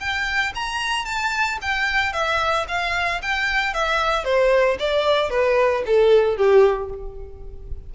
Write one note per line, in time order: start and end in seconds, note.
0.00 0.53 G5
0.55 1.05 A#5
1.05 1.58 A5
1.62 2.13 G5
2.13 2.66 E5
2.68 3.21 F5
3.22 3.74 G5
3.74 4.25 E5
4.25 4.78 C5
4.79 5.30 D5
5.30 5.83 B4
5.86 6.37 A4
6.37 6.90 G4